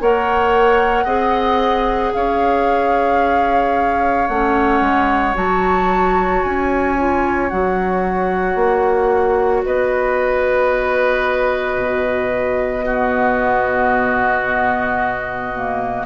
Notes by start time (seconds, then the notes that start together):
0.00 A#3 A#4 C#5 F#5
1.04 C4 G#4 D#5
2.14 C#4 C#5 F5
4.27 A3 C#4 F#5
4.81 G#3
5.34 F#3 F#4 A5
6.43 C#4 G#5
6.97 F4
7.48 F#3 F#4 F#5
8.55 A#3
9.65 B3 B4 D#5
11.77 B2
12.85 B3 F#4
15.54 A#3